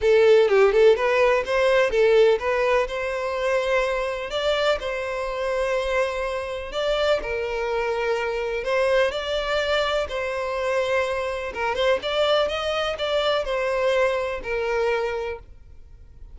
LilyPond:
\new Staff \with { instrumentName = "violin" } { \time 4/4 \tempo 4 = 125 a'4 g'8 a'8 b'4 c''4 | a'4 b'4 c''2~ | c''4 d''4 c''2~ | c''2 d''4 ais'4~ |
ais'2 c''4 d''4~ | d''4 c''2. | ais'8 c''8 d''4 dis''4 d''4 | c''2 ais'2 | }